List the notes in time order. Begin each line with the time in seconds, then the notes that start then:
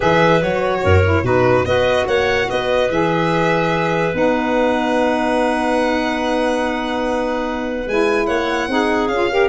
0.00 E3 G#4 B4 E5
0.39 F#3 F#4 C#5
0.83 F#2 A#4
1.03 E4
1.22 B2 D#4 F#4 B4
1.65 B3 F#4 B4 D#5
2.06 A#3 C#5 F#5
2.48 B3 B4 D#5
2.89 E3 G#4 E5
4.12 B3 D#4 F#5
7.86 G#3 E4 G#5
8.26 A#3 C#5 F#5
8.67 C4 D#4 G#4
9.07 C#4 F4 F5
9.30 G4 A#4